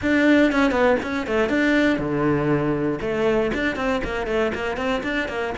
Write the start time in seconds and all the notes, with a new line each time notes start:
0.02 D4
0.52 C#4
0.71 B3
1.02 C#4
1.26 A3
1.49 D4
1.98 D3
3.01 A3
3.53 D4
3.76 C4
4.03 A#3
4.27 A3
4.54 A#3
4.76 C4
5.03 D4
5.28 A#3